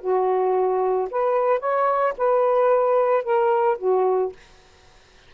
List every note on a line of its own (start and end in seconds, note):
0.00 1.08 F#4
1.10 1.59 B4
1.59 2.13 C#5
2.17 3.23 B4
3.23 3.77 A#4
3.78 4.32 F#4